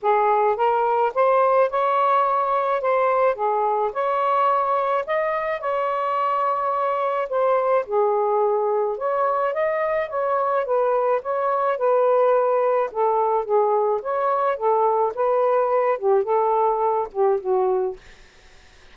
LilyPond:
\new Staff \with { instrumentName = "saxophone" } { \time 4/4 \tempo 4 = 107 gis'4 ais'4 c''4 cis''4~ | cis''4 c''4 gis'4 cis''4~ | cis''4 dis''4 cis''2~ | cis''4 c''4 gis'2 |
cis''4 dis''4 cis''4 b'4 | cis''4 b'2 a'4 | gis'4 cis''4 a'4 b'4~ | b'8 g'8 a'4. g'8 fis'4 | }